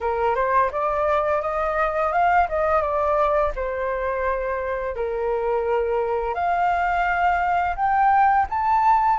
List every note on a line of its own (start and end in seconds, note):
0.00 0.35 A#4
0.35 0.70 C5
0.71 1.41 D5
1.41 2.12 D#5
2.12 2.47 F5
2.49 2.81 D#5
2.81 3.52 D5
3.55 4.95 C5
4.95 6.34 A#4
6.34 7.75 F5
7.76 8.46 G5
8.49 9.19 A5